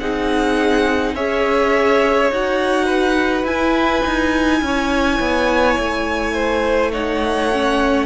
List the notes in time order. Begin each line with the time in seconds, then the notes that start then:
0.00 C4 D#4 G#4 F#5
1.15 C#4 G#4 C#5 E5
2.31 D#4 F#4 F#5
2.85 B4
3.44 E4 G#5
4.06 D#4
4.62 C#4 C#5
5.20 B3
5.78 A3
6.34 C5
6.92 D#4 C#5 F#5
7.52 C#4